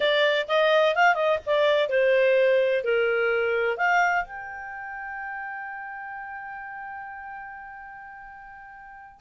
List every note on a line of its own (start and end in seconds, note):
0.00 0.47 D5
0.47 0.95 D#5
0.95 1.14 F5
1.14 1.38 D#5
1.45 1.89 D5
1.89 2.83 C5
2.84 3.77 A#4
3.77 4.24 F5
4.24 9.20 G5